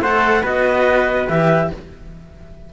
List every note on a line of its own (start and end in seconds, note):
0.00 0.42 A3
0.00 0.43 A4
0.00 0.42 C5
0.00 0.44 F#5
0.42 1.28 B3
0.42 1.28 F#4
0.42 1.69 B4
0.42 1.28 D#5
1.28 1.71 E3
1.28 1.73 G4
1.28 1.71 E5